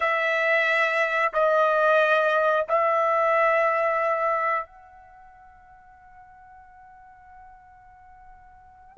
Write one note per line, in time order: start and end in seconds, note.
0.00 1.32 E5
1.33 2.66 D#5
2.68 4.65 E5
4.65 8.97 F#5